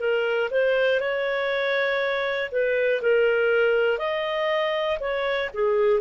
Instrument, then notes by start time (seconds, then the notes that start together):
clarinet
0.00 A#4
0.50 C5
1.00 C#5
2.51 B4
3.01 A#4
3.98 D#5
5.00 C#5
5.54 G#4